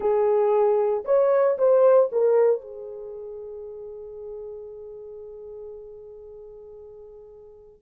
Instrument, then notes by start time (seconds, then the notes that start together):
horn
0.00 G#4
1.04 C#5
1.57 C5
2.12 A#4
2.61 G#4